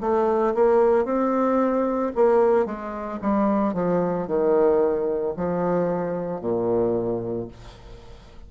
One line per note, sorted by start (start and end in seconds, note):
0.00 0.54 A3
0.54 1.05 A#3
1.05 2.12 C4
2.15 2.65 A#3
2.65 3.19 G#3
3.21 3.73 G3
3.73 4.27 F3
4.27 5.34 D#3
5.36 6.40 F3
6.40 7.48 A#2